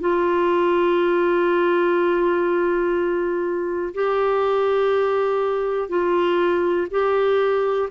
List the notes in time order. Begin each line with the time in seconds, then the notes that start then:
0.00 F4
3.94 G4
5.89 F4
6.90 G4